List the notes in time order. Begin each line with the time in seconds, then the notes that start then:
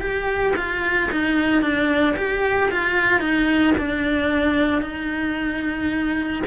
0.00 G4
0.56 F4
1.11 D#4
1.62 D4
2.16 G4
2.71 F4
3.20 D#4
3.78 D4
4.82 D#4